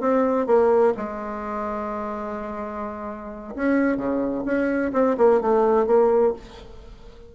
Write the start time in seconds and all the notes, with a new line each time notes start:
0.00 C4
0.46 A#3
0.97 G#3
3.55 C#4
3.97 C#3
4.45 C#4
4.93 C4
5.17 A#3
5.41 A3
5.86 A#3